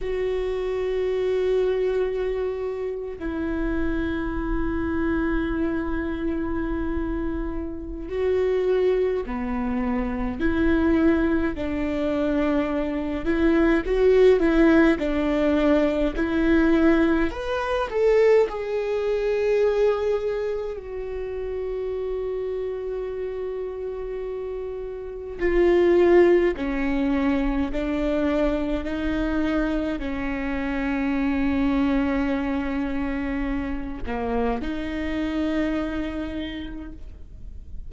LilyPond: \new Staff \with { instrumentName = "viola" } { \time 4/4 \tempo 4 = 52 fis'2~ fis'8. e'4~ e'16~ | e'2. fis'4 | b4 e'4 d'4. e'8 | fis'8 e'8 d'4 e'4 b'8 a'8 |
gis'2 fis'2~ | fis'2 f'4 cis'4 | d'4 dis'4 cis'2~ | cis'4. ais8 dis'2 | }